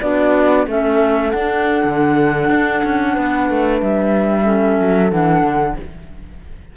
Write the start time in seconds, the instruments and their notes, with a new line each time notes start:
0.00 cello B3, clarinet D4, horn F#4, flute D5
0.66 cello A3, clarinet C#4, horn A4, flute E5
1.30 cello D4, clarinet D4, flute F#5
1.83 cello D3
2.49 cello D4
2.83 cello C#4
3.12 cello B3, horn B4
3.49 cello A3
3.81 cello G3, flute E5
4.43 clarinet C#4, horn A4
4.79 cello F#3
5.10 cello E3, clarinet D4, flute F#5
5.42 cello D3